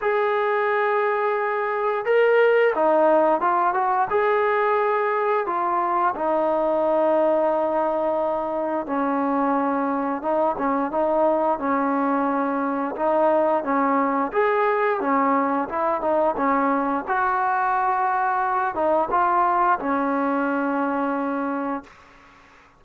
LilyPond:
\new Staff \with { instrumentName = "trombone" } { \time 4/4 \tempo 4 = 88 gis'2. ais'4 | dis'4 f'8 fis'8 gis'2 | f'4 dis'2.~ | dis'4 cis'2 dis'8 cis'8 |
dis'4 cis'2 dis'4 | cis'4 gis'4 cis'4 e'8 dis'8 | cis'4 fis'2~ fis'8 dis'8 | f'4 cis'2. | }